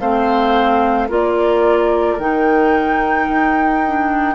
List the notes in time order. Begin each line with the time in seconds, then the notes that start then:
0.00 A3 C4 C5 F5
1.09 A#3 F4 A#4 D5
2.19 D#3 D#4 G5
3.29 D#4
3.86 D4